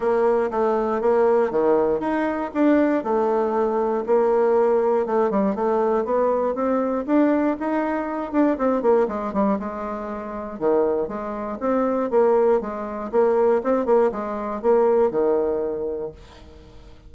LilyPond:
\new Staff \with { instrumentName = "bassoon" } { \time 4/4 \tempo 4 = 119 ais4 a4 ais4 dis4 | dis'4 d'4 a2 | ais2 a8 g8 a4 | b4 c'4 d'4 dis'4~ |
dis'8 d'8 c'8 ais8 gis8 g8 gis4~ | gis4 dis4 gis4 c'4 | ais4 gis4 ais4 c'8 ais8 | gis4 ais4 dis2 | }